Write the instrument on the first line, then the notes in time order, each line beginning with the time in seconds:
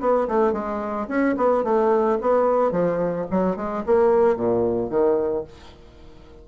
bassoon
0.00 B3
0.28 A3
0.52 G#3
1.08 C#4
1.37 B3
1.64 A3
2.21 B3
2.71 F3
3.30 F#3
3.56 G#3
3.86 A#3
4.36 A#2
4.90 D#3